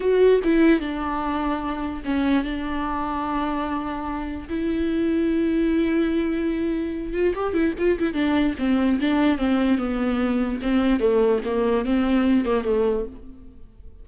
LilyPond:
\new Staff \with { instrumentName = "viola" } { \time 4/4 \tempo 4 = 147 fis'4 e'4 d'2~ | d'4 cis'4 d'2~ | d'2. e'4~ | e'1~ |
e'4. f'8 g'8 e'8 f'8 e'8 | d'4 c'4 d'4 c'4 | b2 c'4 a4 | ais4 c'4. ais8 a4 | }